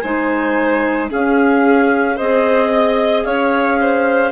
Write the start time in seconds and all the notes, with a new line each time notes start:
0.00 G#3 D#4 C5 G#5
1.09 C#4 G#4 F5
2.16 C4 G#4 C5 D#5
2.73 D#5
3.24 C#4 C#5 F5
3.80 C5